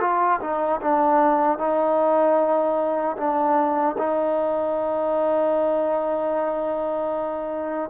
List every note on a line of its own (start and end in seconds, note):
0.00 0.39 F4
0.41 0.80 D#4
0.81 1.58 D4
1.58 3.16 D#4
3.17 3.96 D4
3.98 7.89 D#4